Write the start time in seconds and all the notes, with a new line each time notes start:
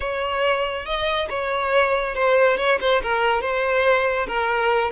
0.00 C#5
0.85 D#5
1.29 C#5
2.14 C5
2.57 C#5
2.80 C5
3.02 A#4
3.41 C5
4.27 A#4